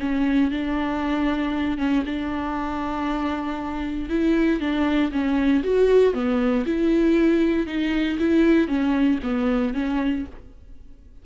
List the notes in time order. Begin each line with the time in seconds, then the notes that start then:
0.00 C#4
0.51 D4
1.78 C#4
2.06 D4
4.09 E4
4.60 D4
5.12 C#4
5.64 F#4
6.14 B3
6.66 E4
7.67 D#4
8.19 E4
8.68 C#4
9.23 B3
9.74 C#4